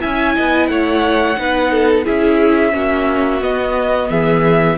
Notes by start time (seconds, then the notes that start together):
0.00 C#4 E4 E5 G#5
0.35 B3 D#5
0.68 A3 C#5 F#5
1.37 B3 D#4 B4
1.71 A4
2.05 C#4 E4 G#4 E5
2.72 A#3 C#4 F#4
3.42 B3 D#5
4.10 E3 G#4 E5